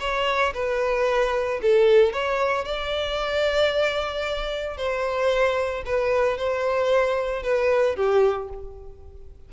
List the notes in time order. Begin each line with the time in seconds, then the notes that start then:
0.00 C#5
0.54 B4
1.62 A4
2.13 C#5
2.65 D5
4.77 C5
5.86 B4
6.38 C5
7.43 B4
7.96 G4